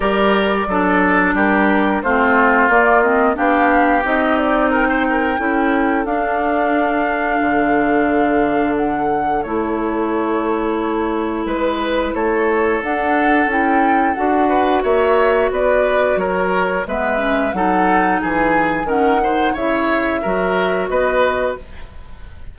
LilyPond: <<
  \new Staff \with { instrumentName = "flute" } { \time 4/4 \tempo 4 = 89 d''2 ais'4 c''4 | d''8 dis''8 f''4 dis''8 d''8 g''4~ | g''4 f''2.~ | f''4 fis''4 cis''2~ |
cis''4 b'4 cis''4 fis''4 | g''4 fis''4 e''4 d''4 | cis''4 e''4 fis''4 gis''4 | fis''4 e''2 dis''4 | }
  \new Staff \with { instrumentName = "oboe" } { \time 4/4 ais'4 a'4 g'4 f'4~ | f'4 g'2 ais'16 c''16 ais'8 | a'1~ | a'1~ |
a'4 b'4 a'2~ | a'4. b'8 cis''4 b'4 | ais'4 b'4 a'4 gis'4 | ais'8 c''8 cis''4 ais'4 b'4 | }
  \new Staff \with { instrumentName = "clarinet" } { \time 4/4 g'4 d'2 c'4 | ais8 c'8 d'4 dis'2 | e'4 d'2.~ | d'2 e'2~ |
e'2. d'4 | e'4 fis'2.~ | fis'4 b8 cis'8 dis'2 | cis'8 dis'8 e'4 fis'2 | }
  \new Staff \with { instrumentName = "bassoon" } { \time 4/4 g4 fis4 g4 a4 | ais4 b4 c'2 | cis'4 d'2 d4~ | d2 a2~ |
a4 gis4 a4 d'4 | cis'4 d'4 ais4 b4 | fis4 gis4 fis4 e4 | dis4 cis4 fis4 b4 | }
>>